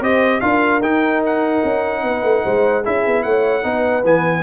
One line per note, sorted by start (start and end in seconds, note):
0.00 0.40 C4
0.00 0.41 G4
0.00 0.41 C5
0.00 0.40 D#5
0.40 0.81 D4
0.40 0.81 F4
0.40 2.03 A#4
0.40 0.81 F5
0.81 1.61 D#4
0.81 2.83 D#4
0.81 1.22 G5
1.25 2.85 F#5
1.64 2.03 C#4
2.03 2.23 B3
2.03 2.43 B4
2.23 2.43 A3
2.43 2.85 G#3
2.43 2.83 C5
2.83 3.06 C#4
2.83 3.63 E4
2.83 3.24 G#4
2.83 3.23 E5
3.06 3.25 B3
3.23 3.64 A3
3.23 3.65 C#5
3.23 4.03 F#5
3.63 4.03 B3
3.63 4.03 D#4
3.63 4.43 B4
4.03 4.43 E3
4.03 4.43 B3
4.03 4.43 G#5